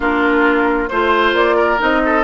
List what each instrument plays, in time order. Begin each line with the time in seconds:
0.00 bassoon A#3, clarinet D4, oboe F4, flute A#4
0.88 bassoon A3, clarinet F4, flute C5, oboe C5
1.33 bassoon A#3, flute D5
1.55 oboe A#4
1.78 bassoon C4, clarinet D#4, flute D#5
2.04 oboe A4